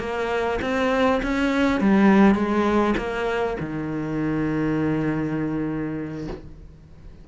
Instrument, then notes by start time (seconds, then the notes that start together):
cello
0.00 A#3
0.62 C4
1.23 C#4
1.81 G3
2.35 G#3
2.98 A#3
3.60 D#3